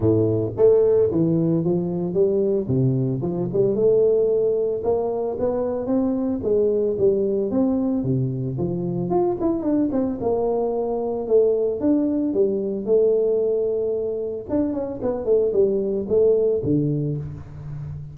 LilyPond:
\new Staff \with { instrumentName = "tuba" } { \time 4/4 \tempo 4 = 112 a,4 a4 e4 f4 | g4 c4 f8 g8 a4~ | a4 ais4 b4 c'4 | gis4 g4 c'4 c4 |
f4 f'8 e'8 d'8 c'8 ais4~ | ais4 a4 d'4 g4 | a2. d'8 cis'8 | b8 a8 g4 a4 d4 | }